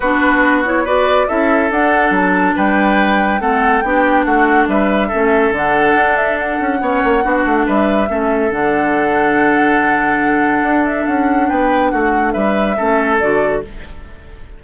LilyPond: <<
  \new Staff \with { instrumentName = "flute" } { \time 4/4 \tempo 4 = 141 b'4. cis''8 d''4 e''4 | fis''4 a''4 g''2 | fis''4 g''4 fis''4 e''4~ | e''4 fis''4. e''8 fis''4~ |
fis''2 e''2 | fis''1~ | fis''4. e''8 fis''4 g''4 | fis''4 e''2 d''4 | }
  \new Staff \with { instrumentName = "oboe" } { \time 4/4 fis'2 b'4 a'4~ | a'2 b'2 | a'4 g'4 fis'4 b'4 | a'1 |
cis''4 fis'4 b'4 a'4~ | a'1~ | a'2. b'4 | fis'4 b'4 a'2 | }
  \new Staff \with { instrumentName = "clarinet" } { \time 4/4 d'4. e'8 fis'4 e'4 | d'1 | c'4 d'2. | cis'4 d'2. |
cis'4 d'2 cis'4 | d'1~ | d'1~ | d'2 cis'4 fis'4 | }
  \new Staff \with { instrumentName = "bassoon" } { \time 4/4 b2. cis'4 | d'4 fis4 g2 | a4 b4 a4 g4 | a4 d4 d'4. cis'8 |
b8 ais8 b8 a8 g4 a4 | d1~ | d4 d'4 cis'4 b4 | a4 g4 a4 d4 | }
>>